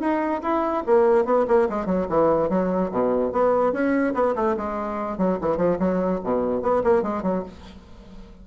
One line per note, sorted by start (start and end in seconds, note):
0.00 0.41 D#4
0.43 0.84 E4
0.87 1.25 A#3
1.25 1.46 B3
1.48 1.69 A#3
1.70 1.86 G#3
1.86 2.07 F#3
2.09 2.49 E3
2.49 2.91 F#3
2.92 3.32 B2
3.32 3.73 B3
3.73 4.14 C#4
4.15 4.35 B3
4.35 4.56 A3
4.57 5.18 G#3
5.18 5.38 F#3
5.41 5.57 E3
5.57 5.78 F3
5.79 6.21 F#3
6.24 6.62 B2
6.62 6.83 B3
6.84 7.03 A#3
7.03 7.23 G#3
7.23 7.44 F#3